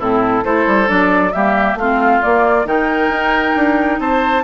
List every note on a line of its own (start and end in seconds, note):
0.00 0.44 A2
0.00 0.45 C4
0.00 0.44 E4
0.00 0.45 A4
0.44 0.67 A3
0.44 0.87 E4
0.44 1.34 A4
0.44 0.89 C5
0.67 0.89 G3
0.87 1.34 F#3
0.87 1.32 D4
0.87 1.33 D5
1.33 1.75 G3
1.33 1.79 A#3
1.33 1.79 G4
1.33 1.77 E5
1.75 2.20 A3
1.75 2.23 C4
1.75 2.67 F4
1.75 2.23 F5
2.23 2.66 A#3
2.23 2.67 D5
2.66 3.10 D#3
2.66 4.43 D#4
2.66 4.00 A#4
2.66 4.00 G5
3.10 3.54 D#4
3.56 4.00 D4
4.00 4.44 C4
4.00 4.44 C5
4.00 4.44 A5